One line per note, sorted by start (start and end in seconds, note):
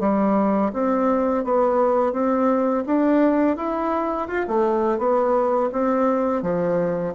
0.00 0.71 G3
0.73 1.44 C4
1.44 2.13 B3
2.13 2.84 C4
2.86 3.57 D4
3.57 4.28 E4
4.28 4.46 F4
4.48 4.98 A3
4.98 5.70 B3
5.72 6.43 C4
6.43 7.14 F3